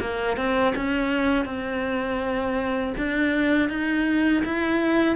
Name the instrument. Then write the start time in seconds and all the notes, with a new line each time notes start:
cello
0.00 A#3
0.37 C4
0.76 C#4
1.45 C4
2.98 D4
3.70 D#4
4.45 E4